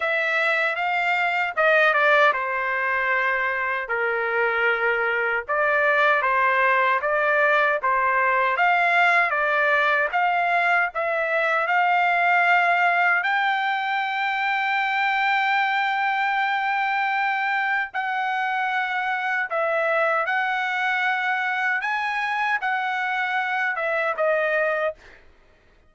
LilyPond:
\new Staff \with { instrumentName = "trumpet" } { \time 4/4 \tempo 4 = 77 e''4 f''4 dis''8 d''8 c''4~ | c''4 ais'2 d''4 | c''4 d''4 c''4 f''4 | d''4 f''4 e''4 f''4~ |
f''4 g''2.~ | g''2. fis''4~ | fis''4 e''4 fis''2 | gis''4 fis''4. e''8 dis''4 | }